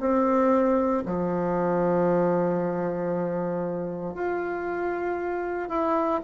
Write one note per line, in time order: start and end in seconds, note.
0.00 1.03 C4
1.06 4.15 F3
4.15 5.69 F4
5.69 6.21 E4